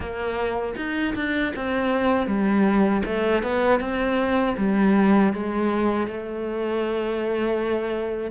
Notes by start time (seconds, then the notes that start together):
0.00 A#3
0.76 D#4
1.15 D4
1.55 C4
2.26 G3
3.04 A3
3.42 B3
3.79 C4
4.57 G3
5.33 G#3
6.07 A3